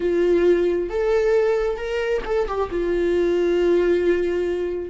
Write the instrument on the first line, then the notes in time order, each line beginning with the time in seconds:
viola
0.00 F4
0.89 A4
1.77 A#4
2.25 A4
2.47 G4
2.70 F4